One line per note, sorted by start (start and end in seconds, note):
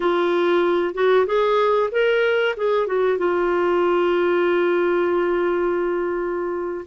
0.00 0.94 F4
0.94 1.26 F#4
1.26 1.90 G#4
1.91 2.55 A#4
2.56 2.86 G#4
2.86 3.18 F#4
3.18 6.85 F4